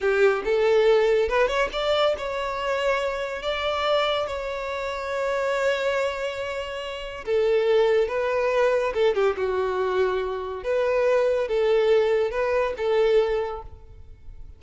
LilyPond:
\new Staff \with { instrumentName = "violin" } { \time 4/4 \tempo 4 = 141 g'4 a'2 b'8 cis''8 | d''4 cis''2. | d''2 cis''2~ | cis''1~ |
cis''4 a'2 b'4~ | b'4 a'8 g'8 fis'2~ | fis'4 b'2 a'4~ | a'4 b'4 a'2 | }